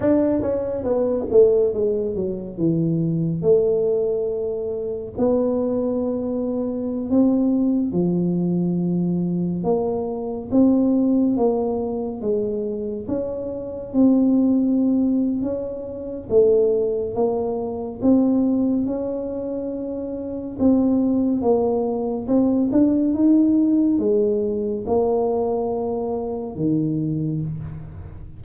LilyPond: \new Staff \with { instrumentName = "tuba" } { \time 4/4 \tempo 4 = 70 d'8 cis'8 b8 a8 gis8 fis8 e4 | a2 b2~ | b16 c'4 f2 ais8.~ | ais16 c'4 ais4 gis4 cis'8.~ |
cis'16 c'4.~ c'16 cis'4 a4 | ais4 c'4 cis'2 | c'4 ais4 c'8 d'8 dis'4 | gis4 ais2 dis4 | }